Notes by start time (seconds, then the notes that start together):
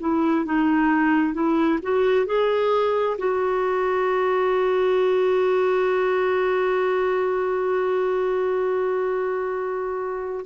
0.00 E4
0.45 D#4
1.34 E4
1.82 F#4
2.26 G#4
3.18 F#4